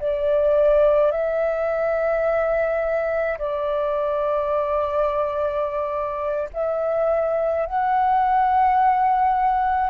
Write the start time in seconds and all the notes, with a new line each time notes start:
0.00 D5
1.11 E5
3.38 D5
6.53 E5
7.66 F#5